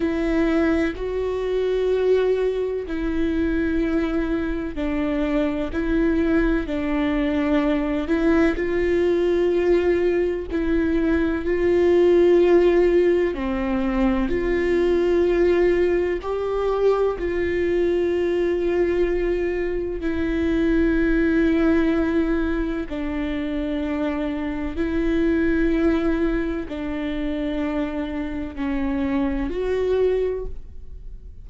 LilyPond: \new Staff \with { instrumentName = "viola" } { \time 4/4 \tempo 4 = 63 e'4 fis'2 e'4~ | e'4 d'4 e'4 d'4~ | d'8 e'8 f'2 e'4 | f'2 c'4 f'4~ |
f'4 g'4 f'2~ | f'4 e'2. | d'2 e'2 | d'2 cis'4 fis'4 | }